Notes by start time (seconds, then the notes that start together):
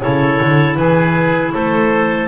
0.00 C#3 E4 A4 C#5
0.41 D3
0.75 E3 G#4 B4
1.53 A3 A4 C5